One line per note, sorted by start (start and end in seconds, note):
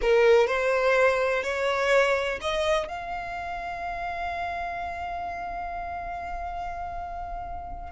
0.01 0.47 A#4
0.47 1.43 C5
1.43 2.39 C#5
2.41 2.88 D#5
2.88 7.91 F5